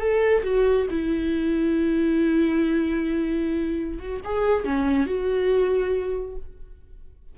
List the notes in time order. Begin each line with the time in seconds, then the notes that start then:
0.00 A4
0.44 F#4
0.90 E4
3.99 F#4
4.25 G#4
4.65 C#4
5.06 F#4